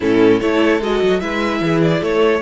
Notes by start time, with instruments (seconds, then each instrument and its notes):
0.00 cello A2, viola C#4, violin E4 A4
0.39 cello A3, viola E4, violin A4 C#5
0.81 cello G#3, viola F#4, violin D#5
1.02 cello F#3
1.20 cello G#3, viola E4, violin B4 E5
1.61 cello E3, violin G#4
1.82 violin D5
2.01 cello A3, violin A4 C#5